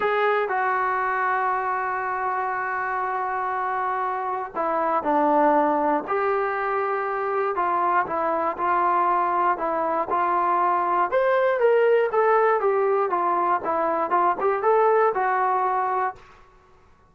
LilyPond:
\new Staff \with { instrumentName = "trombone" } { \time 4/4 \tempo 4 = 119 gis'4 fis'2.~ | fis'1~ | fis'4 e'4 d'2 | g'2. f'4 |
e'4 f'2 e'4 | f'2 c''4 ais'4 | a'4 g'4 f'4 e'4 | f'8 g'8 a'4 fis'2 | }